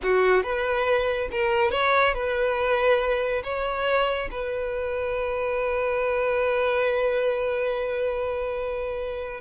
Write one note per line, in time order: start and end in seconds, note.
0.02 0.43 F#4
0.43 1.28 B4
1.31 1.71 A#4
1.71 2.14 C#5
2.14 3.42 B4
3.43 4.29 C#5
4.31 9.41 B4